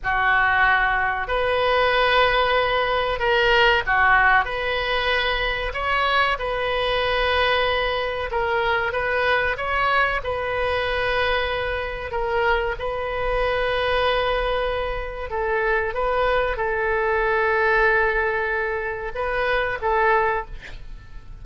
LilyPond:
\new Staff \with { instrumentName = "oboe" } { \time 4/4 \tempo 4 = 94 fis'2 b'2~ | b'4 ais'4 fis'4 b'4~ | b'4 cis''4 b'2~ | b'4 ais'4 b'4 cis''4 |
b'2. ais'4 | b'1 | a'4 b'4 a'2~ | a'2 b'4 a'4 | }